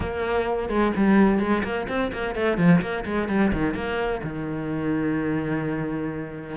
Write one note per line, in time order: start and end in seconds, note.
0.00 0.69 A#3
0.69 0.92 G#3
0.96 1.39 G3
1.39 1.62 G#3
1.63 1.87 A#3
1.88 2.11 C4
2.12 2.35 A#3
2.35 2.57 A3
2.57 2.80 F3
2.81 3.04 A#3
3.05 3.28 G#3
3.28 3.52 G3
3.52 3.74 D#3
3.74 4.21 A#3
4.23 6.56 D#3